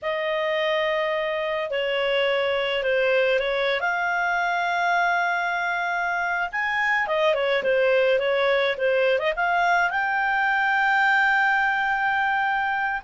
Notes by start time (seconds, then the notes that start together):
0.02 D#5
1.70 C#5
2.83 C5
3.39 C#5
3.80 F5
6.51 G#5
7.07 D#5
7.34 C#5
7.63 C5
8.19 C#5
8.77 C5
9.19 D#5
9.36 F5
9.90 G5